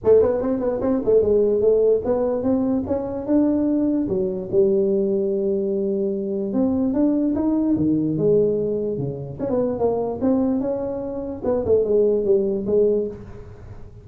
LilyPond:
\new Staff \with { instrumentName = "tuba" } { \time 4/4 \tempo 4 = 147 a8 b8 c'8 b8 c'8 a8 gis4 | a4 b4 c'4 cis'4 | d'2 fis4 g4~ | g1 |
c'4 d'4 dis'4 dis4 | gis2 cis4 cis'16 b8. | ais4 c'4 cis'2 | b8 a8 gis4 g4 gis4 | }